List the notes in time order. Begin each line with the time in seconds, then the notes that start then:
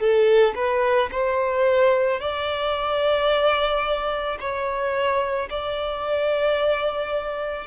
0.00 A4
0.56 B4
1.12 C5
2.20 D5
4.40 C#5
5.50 D5